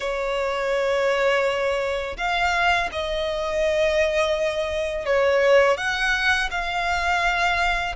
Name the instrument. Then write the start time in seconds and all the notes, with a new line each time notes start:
violin
0.00 C#5
2.17 F5
2.91 D#5
5.05 C#5
5.77 F#5
6.51 F5